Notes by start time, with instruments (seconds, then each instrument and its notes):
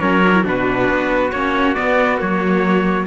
0.00 cello F#3, viola C#4, trumpet A#4 C#5
0.26 viola D4
0.35 viola E4
0.43 cello B2, viola D4, trumpet F#4 B4
0.89 cello B3
1.31 cello A#3, viola C#4, trumpet C#5
1.74 viola B3, cello B3, trumpet D5
2.18 cello F#3, viola A#3, trumpet C#5